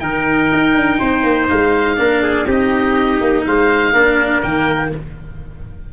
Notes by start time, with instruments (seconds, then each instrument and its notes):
0.00 tuba D#3, cello D#4, trumpet A#4, oboe G5
0.53 tuba D#4
0.74 tuba D4
0.99 tuba C4, trumpet C5
1.24 tuba A#3
1.49 tuba G#3, oboe F5
1.97 tuba A#3, cello D4, trumpet A#4
2.23 trumpet G#4
2.46 tuba C4, cello D#4, trumpet G4, oboe D#5
3.21 tuba A#3
3.45 tuba G#3, trumpet C5, oboe F5
3.93 tuba A#3, cello D4, trumpet A#4
4.42 tuba D#3, cello A#3, oboe G5